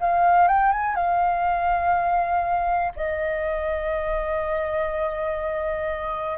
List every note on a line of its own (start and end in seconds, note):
0.00 0.47 F5
0.47 0.72 G5
0.72 0.95 G#5
0.95 2.92 F5
2.96 6.38 D#5